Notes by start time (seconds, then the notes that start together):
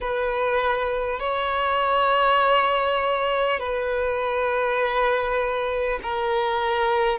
0.01 B4
1.19 C#5
3.59 B4
6.03 A#4